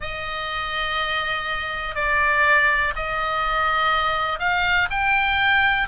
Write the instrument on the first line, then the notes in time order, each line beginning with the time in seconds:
oboe
0.00 D#5
1.95 D5
2.95 D#5
4.39 F5
4.90 G5